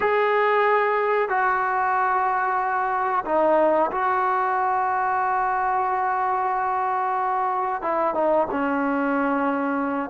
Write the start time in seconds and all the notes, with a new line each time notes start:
0.00 G#4
1.28 F#4
3.25 D#4
3.91 F#4
7.81 E4
8.14 D#4
8.50 C#4